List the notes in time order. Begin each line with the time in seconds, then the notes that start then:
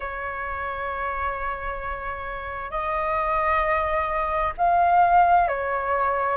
0.00 C#5
2.70 D#5
4.57 F5
5.48 C#5